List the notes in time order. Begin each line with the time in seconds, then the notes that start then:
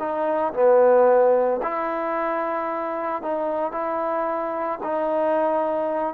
0.00 D#4
0.54 B3
1.63 E4
3.23 D#4
3.72 E4
4.84 D#4